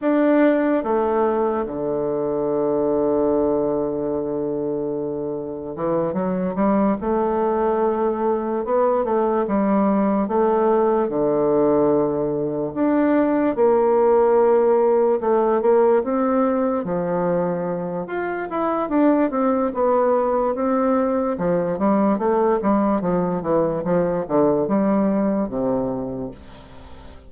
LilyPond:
\new Staff \with { instrumentName = "bassoon" } { \time 4/4 \tempo 4 = 73 d'4 a4 d2~ | d2. e8 fis8 | g8 a2 b8 a8 g8~ | g8 a4 d2 d'8~ |
d'8 ais2 a8 ais8 c'8~ | c'8 f4. f'8 e'8 d'8 c'8 | b4 c'4 f8 g8 a8 g8 | f8 e8 f8 d8 g4 c4 | }